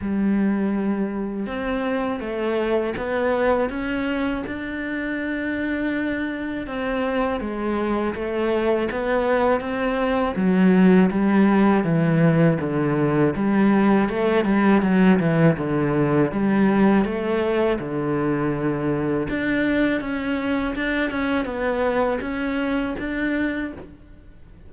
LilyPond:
\new Staff \with { instrumentName = "cello" } { \time 4/4 \tempo 4 = 81 g2 c'4 a4 | b4 cis'4 d'2~ | d'4 c'4 gis4 a4 | b4 c'4 fis4 g4 |
e4 d4 g4 a8 g8 | fis8 e8 d4 g4 a4 | d2 d'4 cis'4 | d'8 cis'8 b4 cis'4 d'4 | }